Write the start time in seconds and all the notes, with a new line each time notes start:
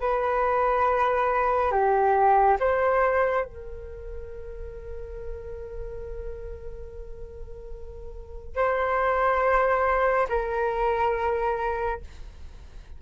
0.00 B4
1.71 G4
2.59 C5
3.45 A#4
8.56 C5
10.29 A#4